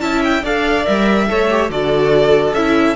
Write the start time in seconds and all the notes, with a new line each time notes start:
0.00 C#4 E4 E5 A5
0.24 G5
0.43 D4 A4 D5 F5
0.85 G3 A#4 E5
1.28 A3 A4 C#5
1.50 G4
1.70 D3 F#4 A4 D5
2.53 C#4 E4 E5